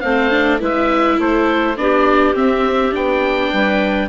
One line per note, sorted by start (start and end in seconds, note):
0.00 0.61 A3
0.00 0.31 C4
0.00 0.59 C5
0.00 0.58 F5
0.31 0.59 D4
0.59 1.19 G#3
0.59 1.76 E4
0.59 1.18 B4
0.59 1.20 E5
1.19 1.76 A3
1.19 1.77 A4
1.19 1.77 C5
1.76 2.34 B3
1.76 2.34 D4
1.76 3.52 G4
1.76 2.35 D5
2.34 2.92 C4
2.34 2.95 E5
2.92 3.53 B3
2.92 4.08 D4
2.92 4.09 G5
3.52 4.09 G3
3.52 4.09 B4